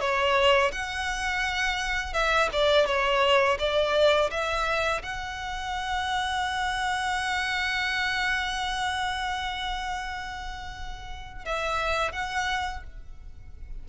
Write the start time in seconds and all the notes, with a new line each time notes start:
0.00 C#5
0.71 F#5
2.13 E5
2.53 D5
2.86 C#5
3.59 D5
4.31 E5
5.03 F#5
11.45 E5
12.12 F#5